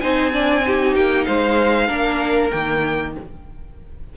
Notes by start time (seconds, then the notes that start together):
0.00 C4 D#4 C5 G#5
0.32 D4 D5
0.64 D#4 G4
0.94 A#3 G5
1.24 G#3 C5 F5
1.87 A#3 D4 A#4
2.50 D#3 A#3 G5